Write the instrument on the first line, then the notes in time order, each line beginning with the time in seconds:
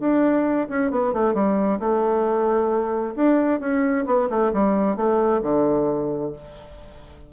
bassoon
0.00 D4
0.69 C#4
0.91 B3
1.13 A3
1.34 G3
1.80 A3
3.16 D4
3.60 C#4
4.06 B3
4.30 A3
4.53 G3
4.96 A3
5.42 D3